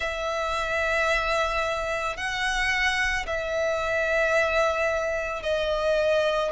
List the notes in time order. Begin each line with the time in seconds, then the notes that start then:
0.00 E5
2.16 F#5
3.26 E5
5.42 D#5